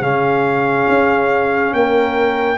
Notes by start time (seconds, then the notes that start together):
0.00 C#3 C#4 G#4 F5
0.88 C#4
1.73 A#3 A#4 G5